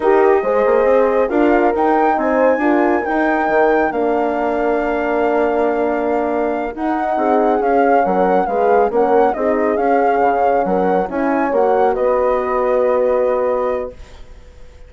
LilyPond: <<
  \new Staff \with { instrumentName = "flute" } { \time 4/4 \tempo 4 = 138 dis''2. f''4 | g''4 gis''2 g''4~ | g''4 f''2.~ | f''2.~ f''8 fis''8~ |
fis''4. f''4 fis''4 f''8~ | f''8 fis''4 dis''4 f''4.~ | f''8 fis''4 gis''4 fis''4 dis''8~ | dis''1 | }
  \new Staff \with { instrumentName = "horn" } { \time 4/4 ais'4 c''2 ais'4~ | ais'4 c''4 ais'2~ | ais'1~ | ais'1~ |
ais'8 gis'2 ais'4 b'8~ | b'8 ais'4 gis'2~ gis'8~ | gis'8 ais'4 cis''2 b'8~ | b'1 | }
  \new Staff \with { instrumentName = "horn" } { \time 4/4 g'4 gis'2 f'4 | dis'2 f'4 dis'4~ | dis'4 d'2.~ | d'2.~ d'8 dis'8~ |
dis'4. cis'2 gis'8~ | gis'8 cis'4 dis'4 cis'4.~ | cis'4. e'4 fis'4.~ | fis'1 | }
  \new Staff \with { instrumentName = "bassoon" } { \time 4/4 dis'4 gis8 ais8 c'4 d'4 | dis'4 c'4 d'4 dis'4 | dis4 ais2.~ | ais2.~ ais8 dis'8~ |
dis'8 c'4 cis'4 fis4 gis8~ | gis8 ais4 c'4 cis'4 cis8~ | cis8 fis4 cis'4 ais4 b8~ | b1 | }
>>